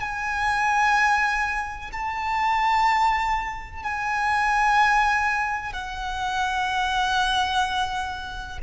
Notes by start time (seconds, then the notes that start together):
0.00 G#5
1.92 A5
3.83 G#5
5.73 F#5